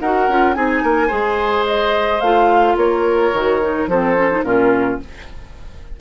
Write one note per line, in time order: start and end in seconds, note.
0.00 0.28 D#4
0.00 0.30 F#4
0.00 0.56 A#4
0.00 0.54 F#5
0.28 0.56 C#4
0.28 0.55 F4
0.54 0.83 C4
0.54 1.09 D#4
0.54 0.83 G#4
0.54 1.65 G#5
0.83 1.11 A#3
0.83 1.08 A#4
1.08 2.21 G#3
1.08 2.20 G#4
1.08 2.74 C5
1.67 2.21 D#5
2.21 2.77 A3
2.21 3.35 F4
2.21 2.76 F5
2.77 3.32 A#3
2.77 3.90 A#4
2.77 3.89 C#5
3.33 3.87 D#3
3.33 3.61 F#4
3.61 3.89 D#4
3.87 4.43 F3
3.87 4.16 C4
3.87 4.45 A4
3.87 4.44 C5
4.16 4.30 C#4
4.31 4.45 D#4
4.44 4.99 A#2
4.44 5.00 C#4
4.44 5.01 F4
4.44 4.99 A#4